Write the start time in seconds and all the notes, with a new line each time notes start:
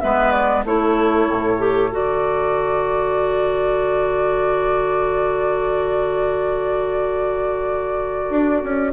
0.00 G#3 B3 B4 E5
0.31 D5
0.64 A3 E4 A4 C#5
1.30 A2
1.58 G4
1.91 D3 F#4 D5
8.30 D4
8.63 C#4